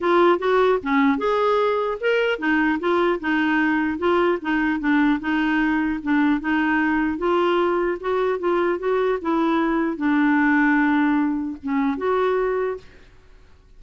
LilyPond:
\new Staff \with { instrumentName = "clarinet" } { \time 4/4 \tempo 4 = 150 f'4 fis'4 cis'4 gis'4~ | gis'4 ais'4 dis'4 f'4 | dis'2 f'4 dis'4 | d'4 dis'2 d'4 |
dis'2 f'2 | fis'4 f'4 fis'4 e'4~ | e'4 d'2.~ | d'4 cis'4 fis'2 | }